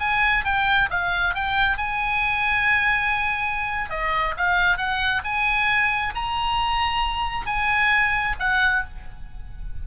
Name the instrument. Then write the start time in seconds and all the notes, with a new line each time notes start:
oboe
0.00 G#5
0.45 G5
0.90 F5
1.35 G5
1.77 G#5
3.90 D#5
4.37 F5
4.78 F#5
5.24 G#5
6.15 A#5
7.46 G#5
8.39 F#5